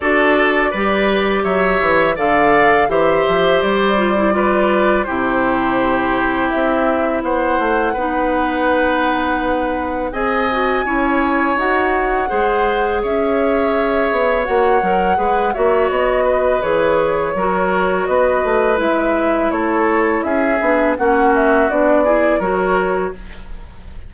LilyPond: <<
  \new Staff \with { instrumentName = "flute" } { \time 4/4 \tempo 4 = 83 d''2 e''4 f''4 | e''4 d''2 c''4~ | c''4 e''4 fis''2~ | fis''2 gis''2 |
fis''2 e''2 | fis''4. e''8 dis''4 cis''4~ | cis''4 dis''4 e''4 cis''4 | e''4 fis''8 e''8 d''4 cis''4 | }
  \new Staff \with { instrumentName = "oboe" } { \time 4/4 a'4 b'4 cis''4 d''4 | c''2 b'4 g'4~ | g'2 c''4 b'4~ | b'2 dis''4 cis''4~ |
cis''4 c''4 cis''2~ | cis''4 b'8 cis''4 b'4. | ais'4 b'2 a'4 | gis'4 fis'4. gis'8 ais'4 | }
  \new Staff \with { instrumentName = "clarinet" } { \time 4/4 fis'4 g'2 a'4 | g'4. f'16 e'16 f'4 e'4~ | e'2. dis'4~ | dis'2 gis'8 fis'8 e'4 |
fis'4 gis'2. | fis'8 ais'8 gis'8 fis'4. gis'4 | fis'2 e'2~ | e'8 d'8 cis'4 d'8 e'8 fis'4 | }
  \new Staff \with { instrumentName = "bassoon" } { \time 4/4 d'4 g4 fis8 e8 d4 | e8 f8 g2 c4~ | c4 c'4 b8 a8 b4~ | b2 c'4 cis'4 |
dis'4 gis4 cis'4. b8 | ais8 fis8 gis8 ais8 b4 e4 | fis4 b8 a8 gis4 a4 | cis'8 b8 ais4 b4 fis4 | }
>>